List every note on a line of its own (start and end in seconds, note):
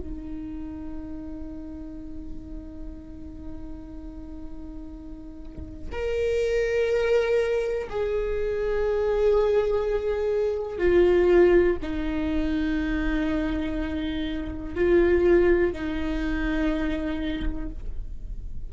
0.00 5.90 D#4
5.92 7.89 A#4
7.90 10.79 G#4
10.79 11.77 F4
11.83 14.75 D#4
14.75 15.73 F4
15.73 17.70 D#4